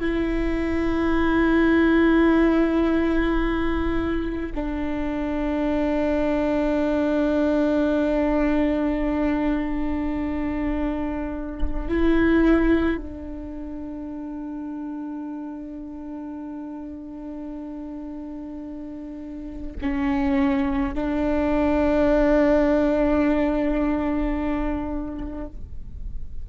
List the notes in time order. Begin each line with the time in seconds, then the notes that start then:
0.00 E4
4.55 D4
11.89 E4
12.97 D4
19.82 C#4
20.94 D4